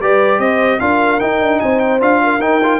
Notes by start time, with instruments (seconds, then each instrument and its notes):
0.00 tuba G3, trombone G4, horn B4, trumpet D5
0.38 tuba C4, horn C5, trumpet D#5
0.80 tuba D4, trombone F4, horn A#4, trumpet F5
1.20 trombone D#4, tuba D#4, trumpet G5
1.40 tuba D4
1.60 tuba C4, horn C5, trumpet G#5
1.79 trumpet G5
2.00 tuba D4, trombone F4, trumpet F5
2.23 horn A#4
2.39 tuba D#4, trombone D#4, trumpet G5
2.63 trombone F4